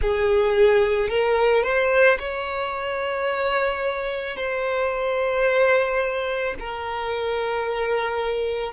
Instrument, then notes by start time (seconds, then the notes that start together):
violin
0.01 G#4
1.09 A#4
1.63 C5
2.19 C#5
4.36 C5
6.59 A#4